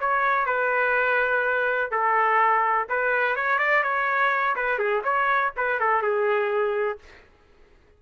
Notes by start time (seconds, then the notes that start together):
0.00 C#5
0.46 B4
1.91 A4
2.89 B4
3.36 C#5
3.59 D5
3.83 C#5
4.56 B4
4.79 G#4
5.04 C#5
5.56 B4
5.80 A4
6.02 G#4